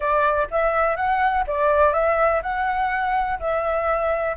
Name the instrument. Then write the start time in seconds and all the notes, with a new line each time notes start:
flute
0.00 D5
0.50 E5
0.96 F#5
1.47 D5
1.93 E5
2.42 F#5
3.39 E5